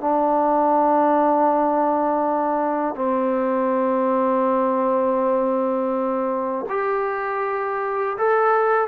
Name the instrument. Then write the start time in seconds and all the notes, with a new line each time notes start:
trombone
0.00 D4
2.95 C4
6.69 G4
8.17 A4